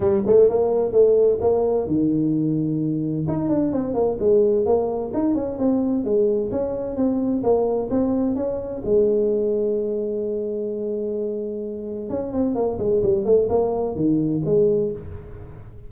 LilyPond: \new Staff \with { instrumentName = "tuba" } { \time 4/4 \tempo 4 = 129 g8 a8 ais4 a4 ais4 | dis2. dis'8 d'8 | c'8 ais8 gis4 ais4 dis'8 cis'8 | c'4 gis4 cis'4 c'4 |
ais4 c'4 cis'4 gis4~ | gis1~ | gis2 cis'8 c'8 ais8 gis8 | g8 a8 ais4 dis4 gis4 | }